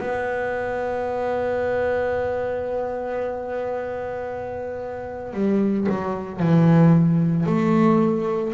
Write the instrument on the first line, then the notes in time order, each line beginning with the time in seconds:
double bass
0.00 B3
5.34 G3
5.89 F#3
6.40 E3
7.47 A3